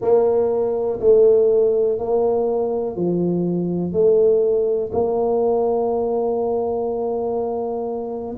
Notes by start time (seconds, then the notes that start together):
0.01 A#3
1.00 A3
1.98 A#3
2.96 F3
3.92 A3
4.92 A#3